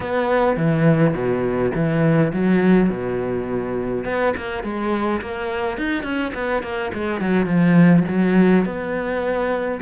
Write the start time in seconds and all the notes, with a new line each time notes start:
0.00 B3
0.56 E3
1.14 B2
1.74 E3
2.32 F#3
2.89 B2
4.05 B3
4.36 A#3
4.63 G#3
5.21 A#3
5.77 D#4
6.03 C#4
6.33 B3
6.62 A#3
6.93 G#3
7.20 F#3
7.46 F3
8.07 F#3
8.65 B3